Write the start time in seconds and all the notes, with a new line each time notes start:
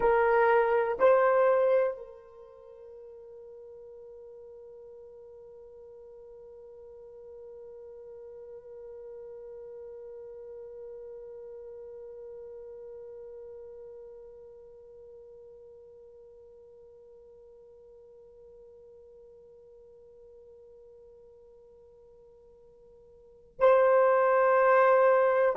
0.00 A#4
0.99 C5
1.97 A#4
23.59 C5